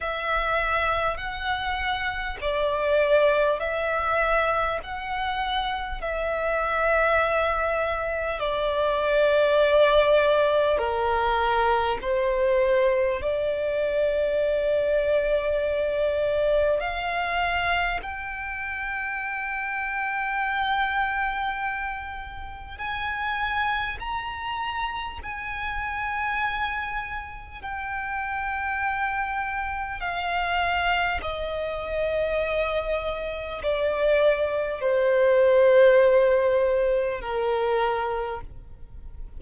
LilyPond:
\new Staff \with { instrumentName = "violin" } { \time 4/4 \tempo 4 = 50 e''4 fis''4 d''4 e''4 | fis''4 e''2 d''4~ | d''4 ais'4 c''4 d''4~ | d''2 f''4 g''4~ |
g''2. gis''4 | ais''4 gis''2 g''4~ | g''4 f''4 dis''2 | d''4 c''2 ais'4 | }